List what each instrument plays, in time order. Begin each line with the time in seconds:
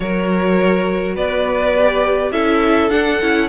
0.00 cello F#3, viola F#4, violin A#4 C#5
1.14 cello B3, violin B4 D5
1.76 viola G4
2.31 cello C#4, viola E4, violin A4 E5
2.90 viola D4, cello D4, violin F#5
3.20 cello C#4, viola E4